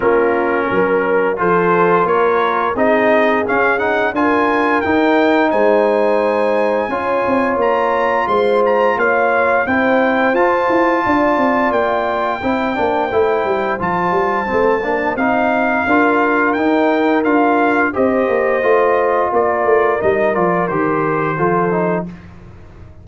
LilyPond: <<
  \new Staff \with { instrumentName = "trumpet" } { \time 4/4 \tempo 4 = 87 ais'2 c''4 cis''4 | dis''4 f''8 fis''8 gis''4 g''4 | gis''2. ais''4 | c'''8 ais''8 f''4 g''4 a''4~ |
a''4 g''2. | a''2 f''2 | g''4 f''4 dis''2 | d''4 dis''8 d''8 c''2 | }
  \new Staff \with { instrumentName = "horn" } { \time 4/4 f'4 ais'4 a'4 ais'4 | gis'2 ais'2 | c''2 cis''2 | c''4 cis''4 c''2 |
d''2 c''2~ | c''2. ais'4~ | ais'2 c''2 | ais'2. a'4 | }
  \new Staff \with { instrumentName = "trombone" } { \time 4/4 cis'2 f'2 | dis'4 cis'8 dis'8 f'4 dis'4~ | dis'2 f'2~ | f'2 e'4 f'4~ |
f'2 e'8 d'8 e'4 | f'4 c'8 d'8 dis'4 f'4 | dis'4 f'4 g'4 f'4~ | f'4 dis'8 f'8 g'4 f'8 dis'8 | }
  \new Staff \with { instrumentName = "tuba" } { \time 4/4 ais4 fis4 f4 ais4 | c'4 cis'4 d'4 dis'4 | gis2 cis'8 c'8 ais4 | gis4 ais4 c'4 f'8 e'8 |
d'8 c'8 ais4 c'8 ais8 a8 g8 | f8 g8 a8 ais8 c'4 d'4 | dis'4 d'4 c'8 ais8 a4 | ais8 a8 g8 f8 dis4 f4 | }
>>